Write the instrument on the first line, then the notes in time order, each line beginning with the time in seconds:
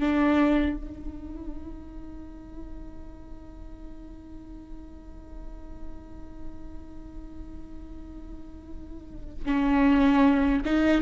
viola
0.00 D4
0.77 D#4
9.46 C#4
10.65 D#4